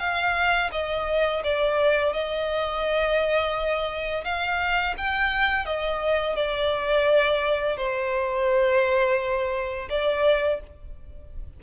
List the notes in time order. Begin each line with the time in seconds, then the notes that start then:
0.00 F5
0.73 D#5
1.44 D5
2.14 D#5
4.25 F5
4.98 G5
5.66 D#5
6.36 D5
7.77 C5
9.90 D5